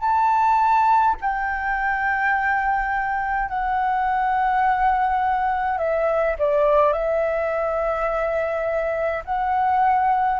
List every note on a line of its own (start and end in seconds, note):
0.00 1.15 A5
1.21 3.48 G5
3.48 5.78 F#5
5.78 6.36 E5
6.39 6.93 D5
6.93 9.24 E5
9.25 10.40 F#5